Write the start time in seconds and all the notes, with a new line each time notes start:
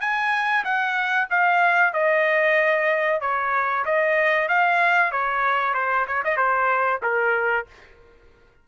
0.00 G#5
0.64 F#5
1.30 F5
1.93 D#5
3.21 C#5
3.85 D#5
4.48 F5
5.11 C#5
5.74 C5
6.07 C#5
6.24 D#5
6.36 C5
7.02 A#4